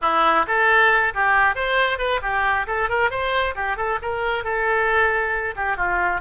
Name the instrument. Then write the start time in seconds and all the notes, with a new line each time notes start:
oboe
0.01 E4
0.47 A4
1.14 G4
1.55 C5
1.98 B4
2.22 G4
2.66 A4
2.89 A#4
3.10 C5
3.55 G4
3.76 A4
4.02 A#4
4.43 A4
5.56 G4
5.77 F4